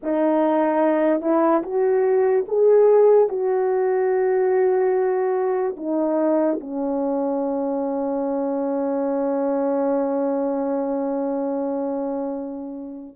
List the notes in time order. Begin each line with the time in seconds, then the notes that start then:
0.02 D#4
1.21 E4
1.63 F#4
2.48 G#4
3.29 F#4
5.76 D#4
6.60 C#4